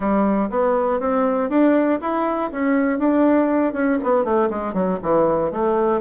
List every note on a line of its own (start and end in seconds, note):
0.00 0.49 G3
0.50 1.00 B3
1.00 1.49 C4
1.49 1.99 D4
2.01 2.51 E4
2.51 2.98 C#4
2.98 3.72 D4
3.72 3.97 C#4
4.03 4.24 B3
4.24 4.49 A3
4.50 4.73 G#3
4.73 4.98 F#3
5.02 5.51 E3
5.51 6.01 A3